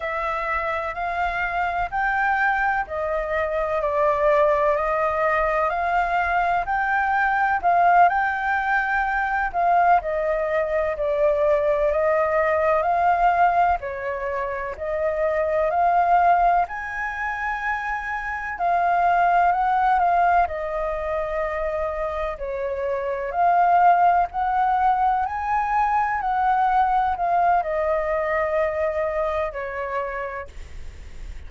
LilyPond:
\new Staff \with { instrumentName = "flute" } { \time 4/4 \tempo 4 = 63 e''4 f''4 g''4 dis''4 | d''4 dis''4 f''4 g''4 | f''8 g''4. f''8 dis''4 d''8~ | d''8 dis''4 f''4 cis''4 dis''8~ |
dis''8 f''4 gis''2 f''8~ | f''8 fis''8 f''8 dis''2 cis''8~ | cis''8 f''4 fis''4 gis''4 fis''8~ | fis''8 f''8 dis''2 cis''4 | }